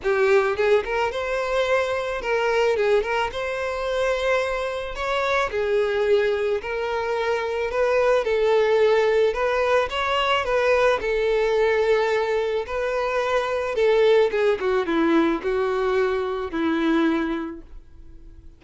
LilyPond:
\new Staff \with { instrumentName = "violin" } { \time 4/4 \tempo 4 = 109 g'4 gis'8 ais'8 c''2 | ais'4 gis'8 ais'8 c''2~ | c''4 cis''4 gis'2 | ais'2 b'4 a'4~ |
a'4 b'4 cis''4 b'4 | a'2. b'4~ | b'4 a'4 gis'8 fis'8 e'4 | fis'2 e'2 | }